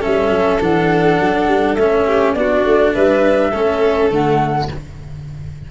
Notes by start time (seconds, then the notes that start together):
0.00 G3 C#4 A4 E5
0.29 F#3
0.60 E3 D4 F#5
1.20 F#3
1.47 G3
1.75 A3 C#4 E5
2.06 G4
2.33 B3 D4 F#4 D5
2.65 A3
2.93 G3 B4 E5
3.50 A3 C#4 A4
4.10 D3 A3 F#5